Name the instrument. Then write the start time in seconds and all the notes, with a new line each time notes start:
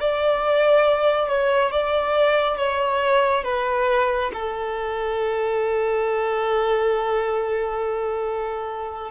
violin
0.00 D5
1.29 C#5
1.72 D5
2.57 C#5
3.44 B4
4.34 A4